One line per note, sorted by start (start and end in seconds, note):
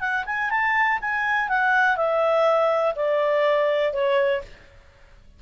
0.00 0.24 F#5
0.26 0.50 G#5
0.50 0.99 A5
1.01 1.49 G#5
1.49 1.97 F#5
1.97 2.94 E5
2.95 3.93 D5
3.93 4.42 C#5